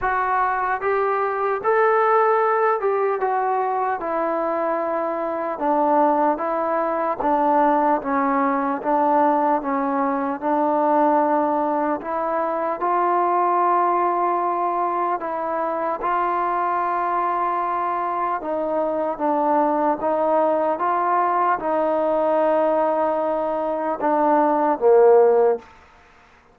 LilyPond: \new Staff \with { instrumentName = "trombone" } { \time 4/4 \tempo 4 = 75 fis'4 g'4 a'4. g'8 | fis'4 e'2 d'4 | e'4 d'4 cis'4 d'4 | cis'4 d'2 e'4 |
f'2. e'4 | f'2. dis'4 | d'4 dis'4 f'4 dis'4~ | dis'2 d'4 ais4 | }